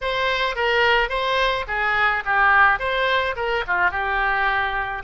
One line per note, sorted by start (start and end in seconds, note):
0.01 0.55 C5
0.55 1.09 A#4
1.09 1.65 C5
1.67 2.23 G#4
2.25 2.79 G4
2.79 3.35 C5
3.36 3.64 A#4
3.67 3.90 F4
3.90 5.03 G4